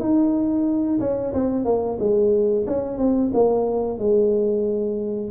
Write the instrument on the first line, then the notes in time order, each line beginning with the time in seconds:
tuba
0.00 D#4
1.00 C#4
1.34 C4
1.65 A#3
1.99 G#3
2.67 C#4
2.98 C4
3.34 A#3
3.99 G#3